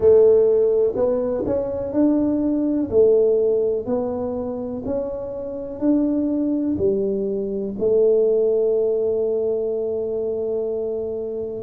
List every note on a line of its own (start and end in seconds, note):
0.00 0.94 A3
0.95 1.44 B3
1.46 1.93 C#4
1.93 2.89 D4
2.90 3.86 A3
3.86 4.83 B3
4.85 5.79 C#4
5.79 6.76 D4
6.77 7.74 G3
7.79 11.62 A3